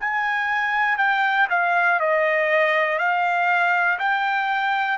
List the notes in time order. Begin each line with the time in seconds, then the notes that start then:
0.00 G#5
0.97 G5
1.49 F5
1.99 D#5
2.98 F5
3.99 G5